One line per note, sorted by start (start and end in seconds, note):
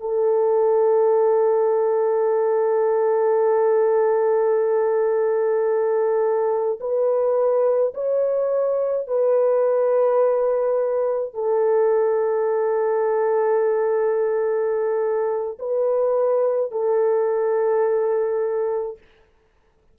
0.00 6.79 A4
6.80 7.93 B4
7.94 9.07 C#5
9.07 11.34 B4
11.34 15.58 A4
15.59 16.71 B4
16.71 18.98 A4